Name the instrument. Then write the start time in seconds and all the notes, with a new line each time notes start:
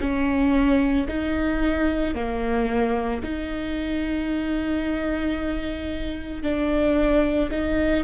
viola
0.00 C#4
1.07 D#4
2.14 A#3
3.23 D#4
6.42 D4
7.51 D#4